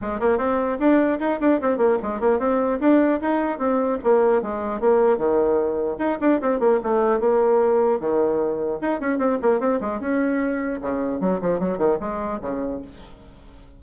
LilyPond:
\new Staff \with { instrumentName = "bassoon" } { \time 4/4 \tempo 4 = 150 gis8 ais8 c'4 d'4 dis'8 d'8 | c'8 ais8 gis8 ais8 c'4 d'4 | dis'4 c'4 ais4 gis4 | ais4 dis2 dis'8 d'8 |
c'8 ais8 a4 ais2 | dis2 dis'8 cis'8 c'8 ais8 | c'8 gis8 cis'2 cis4 | fis8 f8 fis8 dis8 gis4 cis4 | }